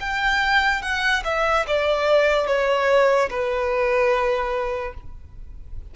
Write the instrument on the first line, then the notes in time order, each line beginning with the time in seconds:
violin
0.00 G5
0.82 F#5
1.25 E5
1.67 D5
2.47 C#5
3.30 B4